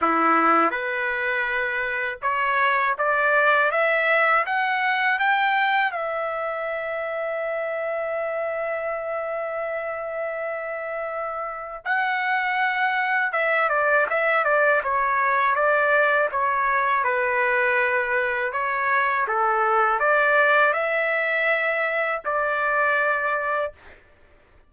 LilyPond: \new Staff \with { instrumentName = "trumpet" } { \time 4/4 \tempo 4 = 81 e'4 b'2 cis''4 | d''4 e''4 fis''4 g''4 | e''1~ | e''1 |
fis''2 e''8 d''8 e''8 d''8 | cis''4 d''4 cis''4 b'4~ | b'4 cis''4 a'4 d''4 | e''2 d''2 | }